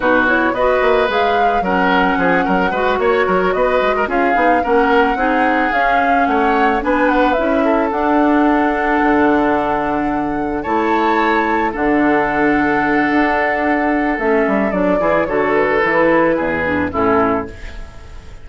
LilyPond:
<<
  \new Staff \with { instrumentName = "flute" } { \time 4/4 \tempo 4 = 110 b'8 cis''8 dis''4 f''4 fis''4~ | fis''4. cis''4 dis''4 f''8~ | f''8 fis''2 f''4 fis''8~ | fis''8 gis''8 fis''8 e''4 fis''4.~ |
fis''2.~ fis''8 a''8~ | a''4. fis''2~ fis''8~ | fis''2 e''4 d''4 | cis''8 b'2~ b'8 a'4 | }
  \new Staff \with { instrumentName = "oboe" } { \time 4/4 fis'4 b'2 ais'4 | gis'8 ais'8 b'8 cis''8 ais'8 b'8. ais'16 gis'8~ | gis'8 ais'4 gis'2 cis''8~ | cis''8 b'4. a'2~ |
a'2.~ a'8 cis''8~ | cis''4. a'2~ a'8~ | a'2.~ a'8 gis'8 | a'2 gis'4 e'4 | }
  \new Staff \with { instrumentName = "clarinet" } { \time 4/4 dis'8 e'8 fis'4 gis'4 cis'4~ | cis'4 fis'2~ fis'8 f'8 | dis'8 cis'4 dis'4 cis'4.~ | cis'8 d'4 e'4 d'4.~ |
d'2.~ d'8 e'8~ | e'4. d'2~ d'8~ | d'2 cis'4 d'8 e'8 | fis'4 e'4. d'8 cis'4 | }
  \new Staff \with { instrumentName = "bassoon" } { \time 4/4 b,4 b8 ais8 gis4 fis4 | f8 fis8 gis8 ais8 fis8 b8 gis8 cis'8 | b8 ais4 c'4 cis'4 a8~ | a8 b4 cis'4 d'4.~ |
d'8 d2. a8~ | a4. d2~ d8 | d'2 a8 g8 fis8 e8 | d4 e4 e,4 a,4 | }
>>